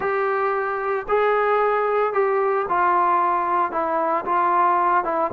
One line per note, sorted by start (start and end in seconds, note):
0.00 1.06 G4
1.08 2.13 G#4
2.13 2.66 G4
2.68 3.71 F4
3.71 4.24 E4
4.25 5.04 F4
5.04 5.30 E4